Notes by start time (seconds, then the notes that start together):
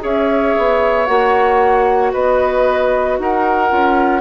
0.00 C#4 G#4 C#5 E5
0.58 B3
1.06 A#3 F#4 F#5
2.12 B3 B4 D#5
3.18 D#4 A#4 F#5
3.69 C#4 F4